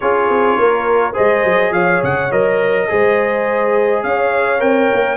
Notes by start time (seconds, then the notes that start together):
0.00 C#4 F4 G#4 C#5
0.29 C4
0.58 A#3 A#4
1.13 G#3 G#4 C5 D#5
1.44 F#3
1.71 F3 C#5 F5
2.02 C#3 F#5
2.31 F#3 A#4 D#5
2.88 G#3 G#4 C5
4.03 C#4 C#5 F5
4.59 C4 A#4 G5
4.92 A#3